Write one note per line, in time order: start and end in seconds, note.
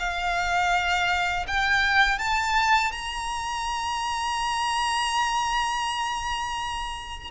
0.00 1.46 F5
1.48 2.19 G5
2.19 2.92 A5
2.92 7.31 A#5